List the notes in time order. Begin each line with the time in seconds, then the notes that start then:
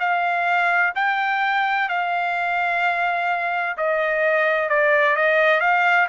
0.00 F5
0.95 G5
1.89 F5
3.78 D#5
4.70 D5
5.16 D#5
5.61 F5